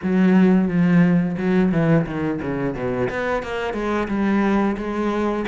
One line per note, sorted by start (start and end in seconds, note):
0.02 0.68 F#3
0.68 1.36 F3
1.37 1.71 F#3
1.72 2.06 E3
2.06 2.40 D#3
2.41 2.74 C#3
2.74 3.08 B2
3.09 3.42 B3
3.42 3.73 A#3
3.73 4.07 G#3
4.08 4.76 G3
4.77 5.45 G#3